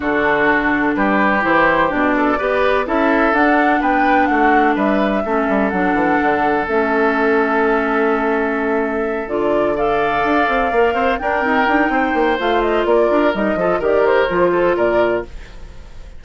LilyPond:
<<
  \new Staff \with { instrumentName = "flute" } { \time 4/4 \tempo 4 = 126 a'2 b'4 c''4 | d''2 e''4 fis''4 | g''4 fis''4 e''2 | fis''2 e''2~ |
e''2.~ e''8 d''8~ | d''8 f''2. g''8~ | g''2 f''8 dis''8 d''4 | dis''4 d''8 c''4. d''4 | }
  \new Staff \with { instrumentName = "oboe" } { \time 4/4 fis'2 g'2~ | g'8 a'8 b'4 a'2 | b'4 fis'4 b'4 a'4~ | a'1~ |
a'1~ | a'8 d''2~ d''8 c''8 ais'8~ | ais'4 c''2 ais'4~ | ais'8 a'8 ais'4. a'8 ais'4 | }
  \new Staff \with { instrumentName = "clarinet" } { \time 4/4 d'2. e'4 | d'4 g'4 e'4 d'4~ | d'2. cis'4 | d'2 cis'2~ |
cis'2.~ cis'8 f'8~ | f'8 a'2 ais'4 d'8 | c'8 dis'4. f'2 | dis'8 f'8 g'4 f'2 | }
  \new Staff \with { instrumentName = "bassoon" } { \time 4/4 d2 g4 e4 | b,4 b4 cis'4 d'4 | b4 a4 g4 a8 g8 | fis8 e8 d4 a2~ |
a2.~ a8 d8~ | d4. d'8 c'8 ais8 c'8 d'8 | dis'8 d'8 c'8 ais8 a4 ais8 d'8 | g8 f8 dis4 f4 ais,4 | }
>>